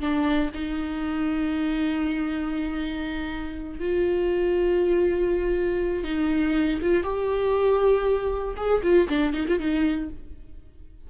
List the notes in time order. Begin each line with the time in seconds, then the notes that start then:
0.00 D4
0.54 D#4
3.79 F4
6.03 D#4
6.81 F4
7.03 G4
8.56 G#4
8.82 F4
9.08 D4
9.33 D#4
9.48 F4
9.59 D#4